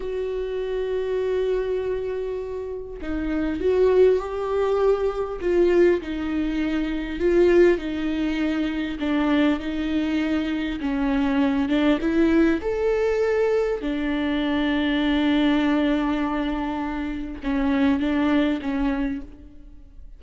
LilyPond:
\new Staff \with { instrumentName = "viola" } { \time 4/4 \tempo 4 = 100 fis'1~ | fis'4 dis'4 fis'4 g'4~ | g'4 f'4 dis'2 | f'4 dis'2 d'4 |
dis'2 cis'4. d'8 | e'4 a'2 d'4~ | d'1~ | d'4 cis'4 d'4 cis'4 | }